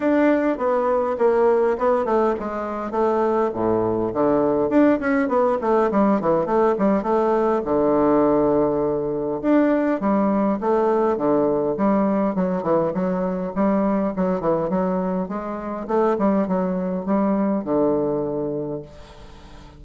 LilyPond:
\new Staff \with { instrumentName = "bassoon" } { \time 4/4 \tempo 4 = 102 d'4 b4 ais4 b8 a8 | gis4 a4 a,4 d4 | d'8 cis'8 b8 a8 g8 e8 a8 g8 | a4 d2. |
d'4 g4 a4 d4 | g4 fis8 e8 fis4 g4 | fis8 e8 fis4 gis4 a8 g8 | fis4 g4 d2 | }